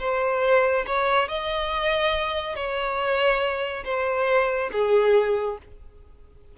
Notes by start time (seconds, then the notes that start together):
0.00 C5
0.87 C#5
1.29 D#5
2.56 C#5
3.85 C5
4.73 G#4